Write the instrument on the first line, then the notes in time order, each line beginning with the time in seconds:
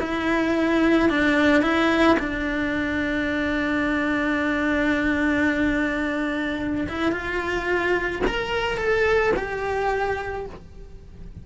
cello
0.00 E4
1.10 D4
1.62 E4
2.20 D4
6.89 E4
7.12 F4
8.27 A#4
8.77 A4
9.37 G4